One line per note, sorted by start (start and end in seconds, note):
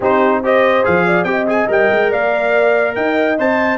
0.00 0.84 C4
0.00 0.43 D#4
0.00 0.42 G4
0.00 0.44 C5
0.43 0.83 G4
0.43 1.06 C5
0.43 0.85 D#5
0.83 1.24 F3
0.83 1.25 G#4
0.83 1.24 F5
1.06 1.27 D5
1.24 1.66 C4
1.24 1.46 G4
1.24 1.45 G5
1.30 2.10 D#5
1.47 1.68 G#4
1.47 1.70 G#5
1.68 1.90 G3
1.68 3.37 A#4
1.68 2.12 G5
1.91 2.11 G#3
2.10 2.96 A#3
2.10 2.95 D5
2.10 2.95 F5
2.95 3.37 D#4
2.95 3.77 D#5
2.95 3.37 G5
3.37 3.77 C4
3.37 3.77 C5
3.37 3.77 A5